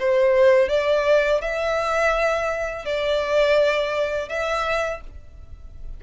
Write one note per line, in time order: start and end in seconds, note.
0.00 0.69 C5
0.69 1.41 D5
1.41 2.86 E5
2.86 4.29 D5
4.29 5.01 E5